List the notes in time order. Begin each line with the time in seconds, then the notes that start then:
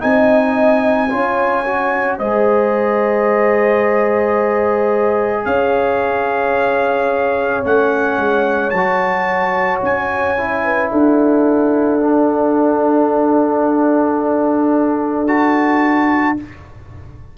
0.00 C4 D#4 D#5 G#5
1.10 C#4 F4 C#5
1.66 F#4
2.18 G#3 G#4 C5 D#5
5.46 C#4 C#5 F5
7.64 A3 C#4 F#5
8.18 G#3
8.70 F#3 A5
8.77 F#4
9.83 C#4 G#5
10.37 E4
10.65 B4
10.91 D4 A4 F#5
12.01 D4
15.28 F#4 A5